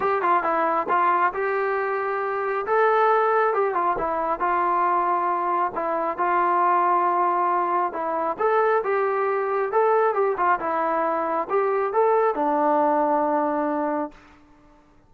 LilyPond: \new Staff \with { instrumentName = "trombone" } { \time 4/4 \tempo 4 = 136 g'8 f'8 e'4 f'4 g'4~ | g'2 a'2 | g'8 f'8 e'4 f'2~ | f'4 e'4 f'2~ |
f'2 e'4 a'4 | g'2 a'4 g'8 f'8 | e'2 g'4 a'4 | d'1 | }